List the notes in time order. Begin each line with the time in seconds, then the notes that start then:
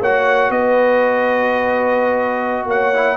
0.00 A#3 F#4 C#5 F#5
0.50 B3 B4 D#5
2.66 A#3 C#5 F#5
2.94 E4